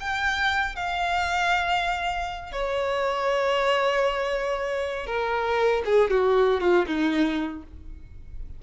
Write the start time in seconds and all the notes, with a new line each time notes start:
0.00 G5
0.76 F5
2.52 C#5
5.06 A#4
5.85 G#4
6.10 F#4
6.60 F4
6.87 D#4